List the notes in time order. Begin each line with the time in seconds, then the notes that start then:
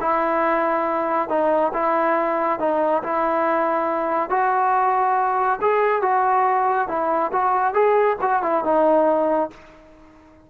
0.00 E4
1.29 D#4
1.73 E4
2.59 D#4
3.03 E4
4.30 F#4
5.61 G#4
6.02 F#4
6.88 E4
7.32 F#4
7.73 G#4
8.21 F#4
8.42 E4
8.64 D#4